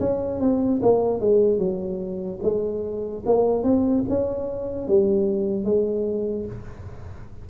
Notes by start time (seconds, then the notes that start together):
0.00 C#4
0.41 C4
0.83 A#3
1.21 G#3
1.58 F#3
2.43 G#3
3.26 A#3
3.64 C4
4.09 C#4
4.88 G3
5.65 G#3